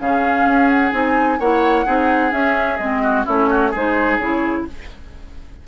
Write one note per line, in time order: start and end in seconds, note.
0.00 0.45 C#3
0.00 0.92 C#4
0.00 1.40 G#4
0.00 0.69 F5
0.45 0.92 C#4
0.69 0.92 F#5
0.92 1.39 C4
0.92 1.38 D#4
0.92 1.40 G#5
1.40 1.86 A#3
1.40 1.86 E4
1.40 1.86 C#5
1.40 2.32 F#5
1.86 2.32 C4
1.86 2.31 D#4
1.86 3.02 G#4
2.31 2.77 C#4
2.31 2.79 C#4
2.31 2.77 E5
2.77 3.26 G#3
2.77 3.26 C4
2.77 3.24 D#5
3.02 3.25 F#4
3.26 3.74 A3
3.26 3.73 C#4
3.26 3.49 E4
3.26 3.74 C#5
3.50 3.71 F#4
3.71 4.19 G#3
3.71 4.21 D#4
3.71 4.64 G#4
3.71 4.19 C5
4.19 4.66 C#3
4.19 4.68 E4
4.19 4.65 C#5